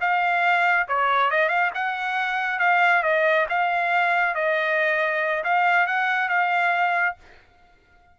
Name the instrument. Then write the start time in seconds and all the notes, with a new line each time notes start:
trumpet
0.00 F5
0.88 C#5
1.30 D#5
1.49 F5
1.74 F#5
2.59 F5
3.03 D#5
3.49 F5
4.35 D#5
5.44 F5
5.86 F#5
6.29 F5